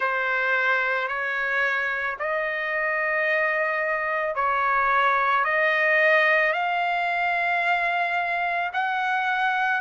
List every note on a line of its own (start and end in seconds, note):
0.00 1.08 C5
1.08 2.17 C#5
2.19 4.35 D#5
4.35 5.44 C#5
5.44 6.53 D#5
6.53 8.71 F5
8.73 9.80 F#5